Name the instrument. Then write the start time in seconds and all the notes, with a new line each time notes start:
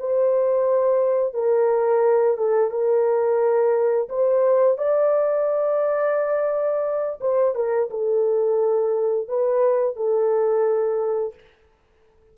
horn
0.00 C5
1.34 A#4
2.38 A4
2.71 A#4
4.10 C5
4.78 D5
7.21 C5
7.55 A#4
7.91 A4
9.29 B4
9.97 A4